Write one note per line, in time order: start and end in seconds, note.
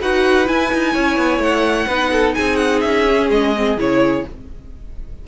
0.00 0.48 D#4
0.00 0.45 F#4
0.00 0.93 B4
0.00 0.47 F#5
0.45 1.86 E4
0.45 0.72 E4
0.45 1.42 G#5
0.72 0.95 D#4
0.93 1.17 C#4
0.93 1.86 C#5
1.17 1.38 B3
1.38 1.85 A3
1.38 2.34 F#5
1.86 2.34 B3
1.86 3.07 D#4
1.86 2.10 B4
2.11 2.35 A4
2.34 2.83 C4
2.34 4.25 G#4
2.34 2.55 G#5
2.55 2.79 F#5
2.80 3.30 C#4
2.80 3.27 E5
3.07 3.54 C#4
3.30 3.77 G#3
3.30 3.78 D#5
3.56 3.78 C4
3.77 4.24 C#3
3.77 4.25 E4
3.77 4.27 C#5